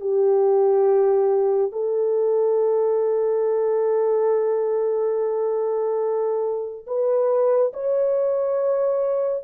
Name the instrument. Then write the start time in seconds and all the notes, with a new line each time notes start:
horn
0.00 G4
1.71 A4
6.86 B4
7.73 C#5